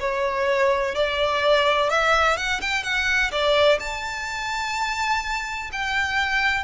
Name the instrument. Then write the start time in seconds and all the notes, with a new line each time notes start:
violin
0.00 C#5
0.95 D5
1.90 E5
2.37 F#5
2.61 G5
2.84 F#5
3.32 D5
3.80 A5
5.72 G5